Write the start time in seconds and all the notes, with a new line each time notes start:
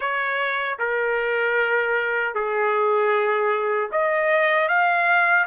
0.00 C#5
0.78 A#4
2.34 G#4
3.91 D#5
4.68 F5